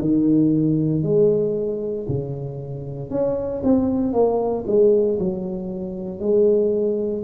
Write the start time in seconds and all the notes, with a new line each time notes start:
0.00 D#3
1.03 G#3
2.08 C#3
3.10 C#4
3.63 C4
4.13 A#3
4.67 G#3
5.19 F#3
6.20 G#3